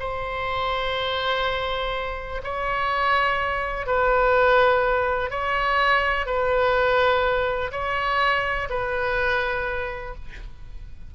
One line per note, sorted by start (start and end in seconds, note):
0.00 2.42 C5
2.44 3.87 C#5
3.87 5.31 B4
5.31 6.26 C#5
6.26 7.72 B4
7.72 8.69 C#5
8.70 10.15 B4